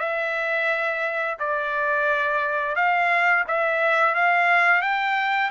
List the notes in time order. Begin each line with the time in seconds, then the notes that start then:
0.00 E5
1.40 D5
2.76 F5
3.48 E5
4.15 F5
4.82 G5